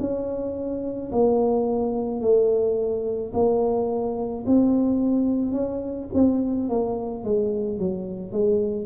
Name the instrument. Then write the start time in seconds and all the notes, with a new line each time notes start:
tuba
0.00 C#4
1.12 A#3
2.21 A3
3.34 A#3
4.47 C4
5.52 C#4
6.15 C4
6.69 A#3
7.25 G#3
7.79 F#3
8.32 G#3